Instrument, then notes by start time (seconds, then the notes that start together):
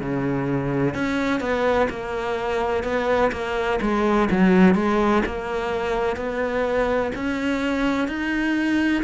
cello
0.00 C#3
0.94 C#4
1.40 B3
1.90 A#3
2.84 B3
3.32 A#3
3.81 G#3
4.31 F#3
4.74 G#3
5.26 A#3
6.16 B3
7.15 C#4
8.08 D#4